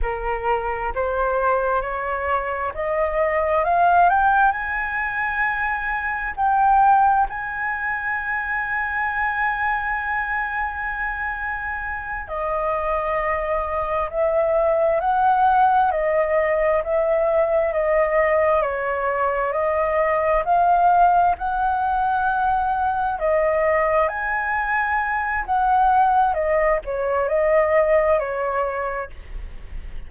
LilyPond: \new Staff \with { instrumentName = "flute" } { \time 4/4 \tempo 4 = 66 ais'4 c''4 cis''4 dis''4 | f''8 g''8 gis''2 g''4 | gis''1~ | gis''4. dis''2 e''8~ |
e''8 fis''4 dis''4 e''4 dis''8~ | dis''8 cis''4 dis''4 f''4 fis''8~ | fis''4. dis''4 gis''4. | fis''4 dis''8 cis''8 dis''4 cis''4 | }